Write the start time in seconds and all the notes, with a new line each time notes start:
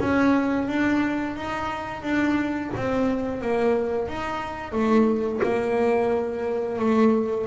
0.00 C#4
0.68 D4
1.36 D#4
2.03 D4
2.76 C4
3.42 A#3
4.08 D#4
4.72 A3
5.44 A#3
6.79 A3